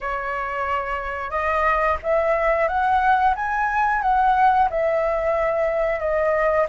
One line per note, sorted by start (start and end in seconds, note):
0.01 1.30 C#5
1.30 1.97 D#5
2.02 2.68 E5
2.68 3.34 F#5
3.35 4.02 G#5
4.02 4.68 F#5
4.69 5.99 E5
5.99 6.66 D#5